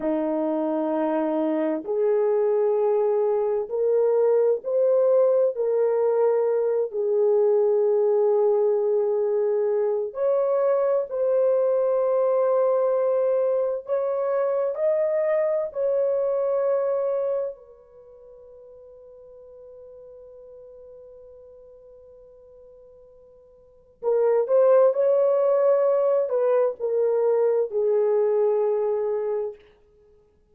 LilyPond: \new Staff \with { instrumentName = "horn" } { \time 4/4 \tempo 4 = 65 dis'2 gis'2 | ais'4 c''4 ais'4. gis'8~ | gis'2. cis''4 | c''2. cis''4 |
dis''4 cis''2 b'4~ | b'1~ | b'2 ais'8 c''8 cis''4~ | cis''8 b'8 ais'4 gis'2 | }